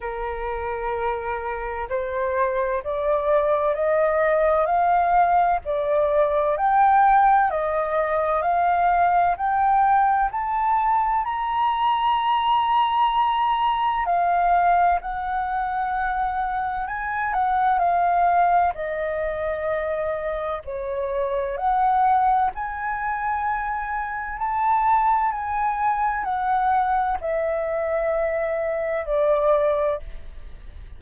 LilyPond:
\new Staff \with { instrumentName = "flute" } { \time 4/4 \tempo 4 = 64 ais'2 c''4 d''4 | dis''4 f''4 d''4 g''4 | dis''4 f''4 g''4 a''4 | ais''2. f''4 |
fis''2 gis''8 fis''8 f''4 | dis''2 cis''4 fis''4 | gis''2 a''4 gis''4 | fis''4 e''2 d''4 | }